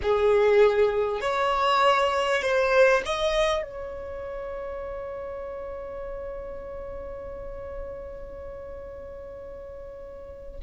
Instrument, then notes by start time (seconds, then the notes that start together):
violin
0.02 G#4
1.21 C#5
2.42 C5
3.05 D#5
3.62 C#5